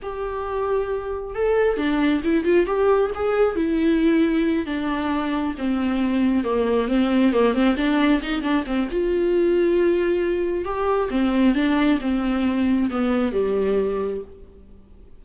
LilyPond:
\new Staff \with { instrumentName = "viola" } { \time 4/4 \tempo 4 = 135 g'2. a'4 | d'4 e'8 f'8 g'4 gis'4 | e'2~ e'8 d'4.~ | d'8 c'2 ais4 c'8~ |
c'8 ais8 c'8 d'4 dis'8 d'8 c'8 | f'1 | g'4 c'4 d'4 c'4~ | c'4 b4 g2 | }